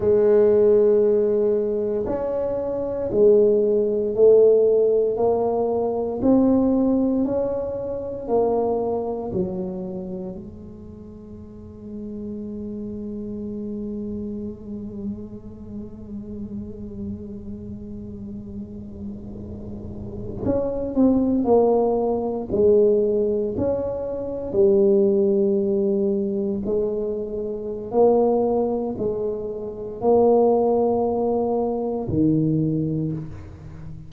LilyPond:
\new Staff \with { instrumentName = "tuba" } { \time 4/4 \tempo 4 = 58 gis2 cis'4 gis4 | a4 ais4 c'4 cis'4 | ais4 fis4 gis2~ | gis1~ |
gis2.~ gis8. cis'16~ | cis'16 c'8 ais4 gis4 cis'4 g16~ | g4.~ g16 gis4~ gis16 ais4 | gis4 ais2 dis4 | }